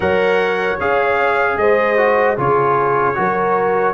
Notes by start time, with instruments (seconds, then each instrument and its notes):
0.00 tuba F#3, trombone A#4, horn C#5, trumpet F#5
0.80 tuba C#4, trombone G#4, trumpet F5
1.57 tuba G#3, horn C5, trumpet D#5
1.97 trombone F#4
2.36 tuba C#3, trombone F4, horn G#4, trumpet C#5
3.14 tuba F#3, trombone F#4, horn A#4